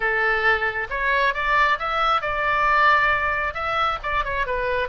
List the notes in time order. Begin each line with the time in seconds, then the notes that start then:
0.00 A4
0.89 C#5
1.34 D5
1.79 E5
2.21 D5
3.54 E5
4.02 D5
4.24 C#5
4.46 B4